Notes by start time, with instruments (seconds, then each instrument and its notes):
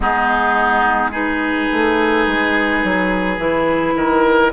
0.00 bassoon G#3, clarinet B3, oboe D#4, flute G#4
1.11 clarinet D#4, oboe G#4, flute B4
1.71 bassoon A3
2.26 bassoon G#3
2.83 bassoon F#3
3.38 bassoon E3, clarinet E4
3.95 bassoon D#3, oboe A#4